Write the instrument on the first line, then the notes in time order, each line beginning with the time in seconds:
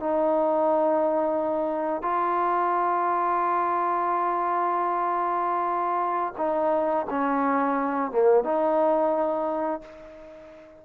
trombone
0.00 D#4
2.03 F4
6.38 D#4
7.10 C#4
8.12 A#3
8.44 D#4